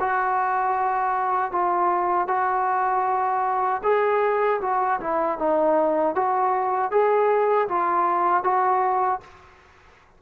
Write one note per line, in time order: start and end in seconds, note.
0.00 1.52 F#4
1.52 2.28 F4
2.28 3.81 F#4
3.84 4.60 G#4
4.62 5.00 F#4
5.01 5.38 E4
5.38 6.15 D#4
6.15 6.91 F#4
6.91 7.68 G#4
7.69 8.43 F4
8.43 9.20 F#4